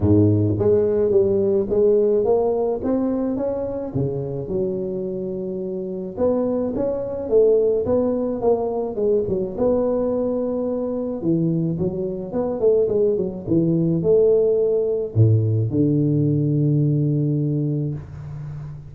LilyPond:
\new Staff \with { instrumentName = "tuba" } { \time 4/4 \tempo 4 = 107 gis,4 gis4 g4 gis4 | ais4 c'4 cis'4 cis4 | fis2. b4 | cis'4 a4 b4 ais4 |
gis8 fis8 b2. | e4 fis4 b8 a8 gis8 fis8 | e4 a2 a,4 | d1 | }